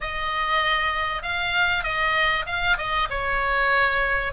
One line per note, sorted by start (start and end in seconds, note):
0.01 1.22 D#5
1.22 1.83 F5
1.83 2.45 D#5
2.46 2.77 F5
2.77 3.08 D#5
3.10 4.32 C#5